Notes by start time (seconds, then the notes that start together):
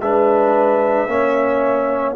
0.00 G#3 D4 B4 E5
1.07 A#3 C#4 C#5